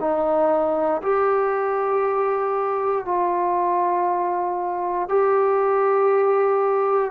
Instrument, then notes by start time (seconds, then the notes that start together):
trombone
0.00 D#4
1.02 G4
3.05 F4
5.08 G4